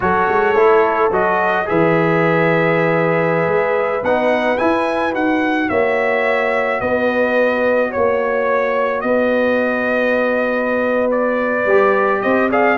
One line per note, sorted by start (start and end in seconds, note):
0.00 0.28 F#3
0.00 0.55 F#4
0.00 1.68 A4
0.00 1.12 C#5
0.28 0.54 G#3
0.54 1.10 A3
0.54 1.11 E4
1.11 1.66 F#3
1.11 1.65 F#4
1.11 1.68 D#5
1.65 3.46 E3
1.65 4.01 G#4
1.65 5.69 B4
1.65 4.04 E5
3.46 4.02 G#3
4.02 4.58 B3
4.02 4.57 D#4
4.02 4.57 F#5
4.57 5.12 E4
4.57 5.14 E4
4.57 5.13 G#5
5.12 5.69 D#4
5.12 11.65 F#4
5.12 5.69 F#5
5.69 6.81 A#3
5.69 6.80 C#5
5.69 6.80 E5
6.80 7.92 B3
6.80 7.90 B4
6.80 7.91 D#5
7.90 9.03 A#3
7.90 9.01 C#5
7.90 9.00 C#5
9.00 11.65 B3
9.00 12.23 B4
9.00 11.09 D#5
11.11 12.21 D5
11.65 12.20 G3
11.65 12.51 G4
12.21 12.77 C4
12.21 12.50 C5
12.21 12.49 D#5
12.50 12.77 G#4
12.50 12.77 D5
12.50 12.77 F5